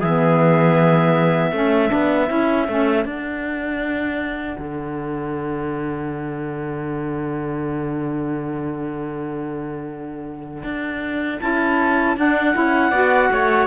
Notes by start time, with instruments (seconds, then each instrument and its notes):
0.00 cello E3, saxophone B3, trumpet G#4, clarinet E5
1.52 cello A3, saxophone C#4, trumpet A4
1.89 cello B3, saxophone D4
2.28 cello C#4, saxophone E4
2.69 cello A3, saxophone C#4
3.05 cello D4, saxophone D4, clarinet F#5
4.59 cello D3
10.64 cello D4
11.40 cello C#4, saxophone E4, clarinet A5
12.17 saxophone D4, cello D4, clarinet F#5
12.54 cello C#4, saxophone E4
12.91 cello B3, saxophone F#4, trumpet D5
13.32 cello A3, trumpet C#5